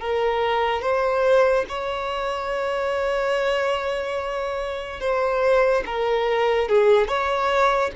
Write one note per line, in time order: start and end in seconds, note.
0.00 0.82 A#4
0.82 1.65 C5
1.68 5.00 C#5
5.00 5.83 C5
5.86 6.69 A#4
6.69 7.07 G#4
7.07 7.91 C#5